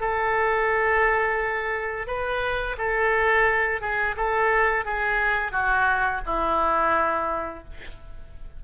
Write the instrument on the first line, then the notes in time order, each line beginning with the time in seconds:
oboe
0.00 A4
2.07 B4
2.77 A4
3.81 G#4
4.16 A4
4.85 G#4
5.51 F#4
6.25 E4